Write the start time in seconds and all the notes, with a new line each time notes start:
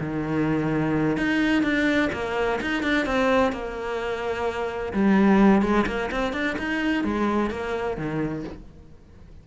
0.00 D#3
1.17 D#4
1.63 D4
2.13 A#3
2.61 D#4
2.83 D4
3.06 C4
3.52 A#3
4.93 G3
5.62 G#3
5.86 A#3
6.11 C4
6.33 D4
6.58 D#4
7.04 G#3
7.51 A#3
7.97 D#3